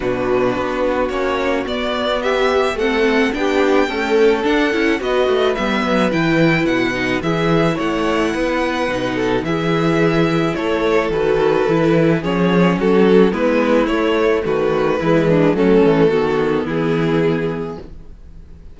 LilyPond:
<<
  \new Staff \with { instrumentName = "violin" } { \time 4/4 \tempo 4 = 108 b'2 cis''4 d''4 | e''4 fis''4 g''2 | fis''4 dis''4 e''4 g''4 | fis''4 e''4 fis''2~ |
fis''4 e''2 cis''4 | b'2 cis''4 a'4 | b'4 cis''4 b'2 | a'2 gis'2 | }
  \new Staff \with { instrumentName = "violin" } { \time 4/4 fis'1 | g'4 a'4 g'4 a'4~ | a'4 b'2.~ | b'4 gis'4 cis''4 b'4~ |
b'8 a'8 gis'2 a'4~ | a'2 gis'4 fis'4 | e'2 fis'4 e'8 d'8 | cis'4 fis'4 e'2 | }
  \new Staff \with { instrumentName = "viola" } { \time 4/4 d'2 cis'4 b4~ | b4 c'4 d'4 a4 | d'8 e'8 fis'4 b4 e'4~ | e'8 dis'8 e'2. |
dis'4 e'2. | fis'4 e'4 cis'2 | b4 a2 gis4 | a4 b2. | }
  \new Staff \with { instrumentName = "cello" } { \time 4/4 b,4 b4 ais4 b4~ | b4 a4 b4 cis'4 | d'8 cis'8 b8 a8 g8 fis8 e4 | b,4 e4 a4 b4 |
b,4 e2 a4 | dis4 e4 f4 fis4 | gis4 a4 dis4 e4 | fis8 e8 dis4 e2 | }
>>